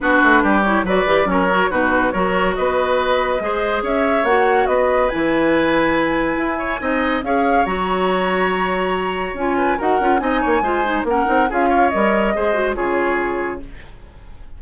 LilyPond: <<
  \new Staff \with { instrumentName = "flute" } { \time 4/4 \tempo 4 = 141 b'4. cis''8 d''4 cis''4 | b'4 cis''4 dis''2~ | dis''4 e''4 fis''4 dis''4 | gis''1~ |
gis''4 f''4 ais''2~ | ais''2 gis''4 fis''4 | gis''2 fis''4 f''4 | dis''2 cis''2 | }
  \new Staff \with { instrumentName = "oboe" } { \time 4/4 fis'4 g'4 b'4 ais'4 | fis'4 ais'4 b'2 | c''4 cis''2 b'4~ | b'2.~ b'8 cis''8 |
dis''4 cis''2.~ | cis''2~ cis''8 b'8 ais'4 | dis''8 cis''8 c''4 ais'4 gis'8 cis''8~ | cis''4 c''4 gis'2 | }
  \new Staff \with { instrumentName = "clarinet" } { \time 4/4 d'4. e'8 fis'8 g'8 cis'8 fis'8 | dis'4 fis'2. | gis'2 fis'2 | e'1 |
dis'4 gis'4 fis'2~ | fis'2 f'4 fis'8 f'8 | dis'4 f'8 dis'8 cis'8 dis'8 f'4 | ais'4 gis'8 fis'8 f'2 | }
  \new Staff \with { instrumentName = "bassoon" } { \time 4/4 b8 a8 g4 fis8 e8 fis4 | b,4 fis4 b2 | gis4 cis'4 ais4 b4 | e2. e'4 |
c'4 cis'4 fis2~ | fis2 cis'4 dis'8 cis'8 | c'8 ais8 gis4 ais8 c'8 cis'4 | g4 gis4 cis2 | }
>>